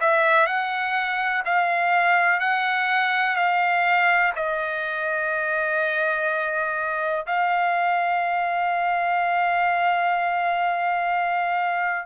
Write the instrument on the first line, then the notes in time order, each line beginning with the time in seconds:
trumpet
0.00 E5
0.46 F#5
1.45 F5
2.40 F#5
3.36 F5
4.35 D#5
7.26 F5